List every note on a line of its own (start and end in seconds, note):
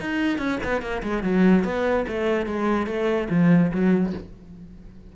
0.00 0.38 D#4
0.38 0.59 C#4
0.64 0.81 B3
0.81 1.02 A#3
1.03 1.23 G#3
1.23 1.64 F#3
1.64 2.06 B3
2.08 2.46 A3
2.46 2.86 G#3
2.86 3.28 A3
3.30 3.71 F3
3.72 4.13 F#3